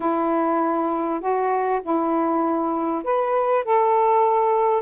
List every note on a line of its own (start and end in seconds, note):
0.00 1.20 E4
1.20 1.80 F#4
1.82 3.03 E4
3.04 3.64 B4
3.64 4.82 A4